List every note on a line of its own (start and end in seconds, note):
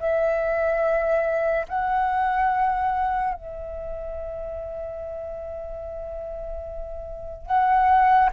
0.00 1.67 E5
1.69 3.34 F#5
3.34 7.47 E5
7.47 8.30 F#5